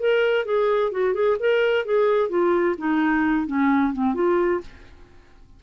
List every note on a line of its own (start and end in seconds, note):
0.00 0.46 A#4
0.46 0.92 G#4
0.92 1.14 F#4
1.14 1.37 G#4
1.40 1.85 A#4
1.85 2.30 G#4
2.30 2.76 F4
2.78 3.47 D#4
3.47 3.93 C#4
3.93 4.15 C4
4.15 4.61 F4